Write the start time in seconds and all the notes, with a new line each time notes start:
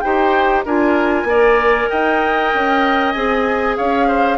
0.00 D#4 G4 C5 G5
0.65 D4 F4 A#4 G#5
1.24 A#3 A#4 D5
1.89 D#4 D#5 G5
2.54 C#4
3.12 C4 G#4 G#5
3.76 C#4 C#5 F5
4.07 C5